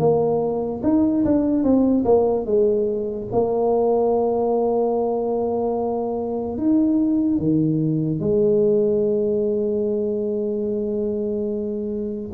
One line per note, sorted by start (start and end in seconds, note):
0.00 0.82 A#3
0.84 1.25 D#4
1.25 1.64 D4
1.64 2.05 C4
2.05 2.46 A#3
2.46 3.28 G#3
3.33 6.58 A#3
6.58 7.39 D#4
7.39 8.20 D#3
8.20 12.31 G#3